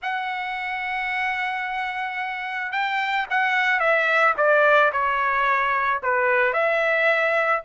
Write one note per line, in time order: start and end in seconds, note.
0.02 2.71 F#5
2.71 3.26 G5
3.30 3.79 F#5
3.79 4.34 E5
4.37 4.91 D5
4.92 6.01 C#5
6.02 6.53 B4
6.53 7.62 E5